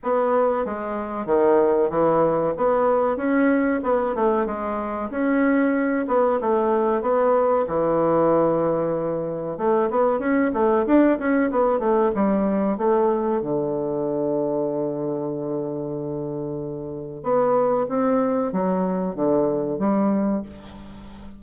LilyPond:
\new Staff \with { instrumentName = "bassoon" } { \time 4/4 \tempo 4 = 94 b4 gis4 dis4 e4 | b4 cis'4 b8 a8 gis4 | cis'4. b8 a4 b4 | e2. a8 b8 |
cis'8 a8 d'8 cis'8 b8 a8 g4 | a4 d2.~ | d2. b4 | c'4 fis4 d4 g4 | }